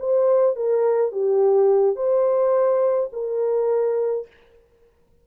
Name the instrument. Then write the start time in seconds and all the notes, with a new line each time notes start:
horn
0.00 C5
0.56 A#4
1.12 G4
1.96 C5
3.13 A#4